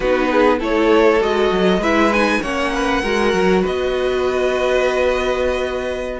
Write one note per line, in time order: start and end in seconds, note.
0.00 0.60 B3
0.00 0.59 D#4
0.00 0.29 F#4
0.00 0.59 B4
0.31 0.59 G#4
0.59 1.21 A3
0.59 1.20 E4
0.59 1.80 A4
0.59 1.22 C#5
1.20 1.51 G#3
1.20 1.81 F#4
1.20 1.82 D#5
1.51 1.77 F#3
1.77 2.38 G#3
1.77 2.13 E4
1.77 2.40 B4
1.77 2.12 E5
2.12 2.43 D#4
2.12 2.42 G#5
2.42 3.03 A#3
2.42 3.03 C#4
2.42 2.72 C#5
2.42 3.63 F#5
2.74 3.02 B4
3.02 3.33 G#3
3.02 6.19 F#4
3.02 3.62 A#4
3.33 3.63 F#3
3.62 6.19 B3
3.62 6.19 B4
3.62 6.19 D#5